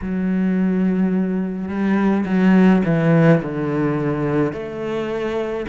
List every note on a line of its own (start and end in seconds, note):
0.01 1.68 F#3
1.68 2.24 G3
2.25 2.82 F#3
2.85 3.41 E3
3.42 4.52 D3
4.52 5.66 A3